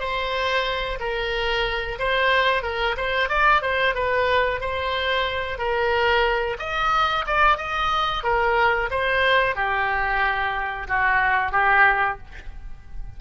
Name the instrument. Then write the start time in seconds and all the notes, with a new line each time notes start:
oboe
0.00 C5
1.00 A#4
1.99 C5
2.63 A#4
2.98 C5
3.29 D5
3.62 C5
3.95 B4
4.61 C5
5.59 A#4
6.60 D#5
7.27 D5
7.58 D#5
8.24 A#4
8.91 C5
9.56 G4
10.89 F#4
11.52 G4